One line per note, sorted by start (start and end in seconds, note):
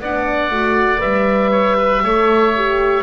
0.00 0.51 B3
0.00 0.52 D4
0.00 1.51 D5
0.00 1.01 F#5
0.51 1.02 A3
0.51 0.98 F#4
0.98 2.04 G3
0.98 2.00 B4
0.98 3.04 E5
1.51 1.77 C#5
1.78 2.03 B4
2.04 3.04 A3
2.04 2.55 A4
2.04 3.04 C#5
2.56 3.04 G4